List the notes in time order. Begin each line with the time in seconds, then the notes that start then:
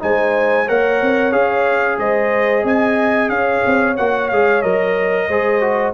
0.00 G#3 D#4 C5 G#5
0.66 A#3 A#4 C#5 F#5
1.02 C4
1.32 C#4 G#4 F5
1.99 G#3 C5 D#5
2.64 C4 D#5 G#5
3.29 C#4 C#5 F5
3.66 C4
3.97 A#3 F#4 F#5
4.29 G#3 G#4 F5
4.62 F#3 A#4 D#5
5.29 G#3 G#4 C5
5.61 F#4